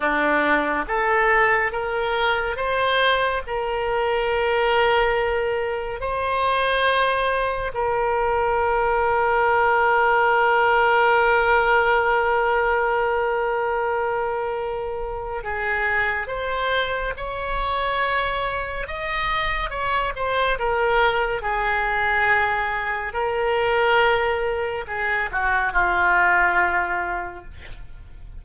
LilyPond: \new Staff \with { instrumentName = "oboe" } { \time 4/4 \tempo 4 = 70 d'4 a'4 ais'4 c''4 | ais'2. c''4~ | c''4 ais'2.~ | ais'1~ |
ais'2 gis'4 c''4 | cis''2 dis''4 cis''8 c''8 | ais'4 gis'2 ais'4~ | ais'4 gis'8 fis'8 f'2 | }